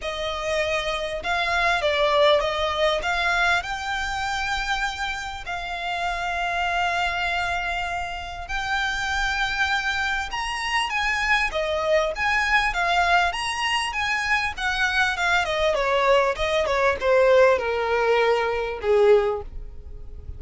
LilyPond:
\new Staff \with { instrumentName = "violin" } { \time 4/4 \tempo 4 = 99 dis''2 f''4 d''4 | dis''4 f''4 g''2~ | g''4 f''2.~ | f''2 g''2~ |
g''4 ais''4 gis''4 dis''4 | gis''4 f''4 ais''4 gis''4 | fis''4 f''8 dis''8 cis''4 dis''8 cis''8 | c''4 ais'2 gis'4 | }